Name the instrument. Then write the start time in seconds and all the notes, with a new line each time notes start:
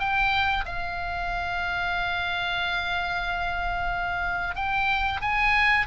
oboe
0.00 G5
0.66 F5
4.56 G5
5.22 G#5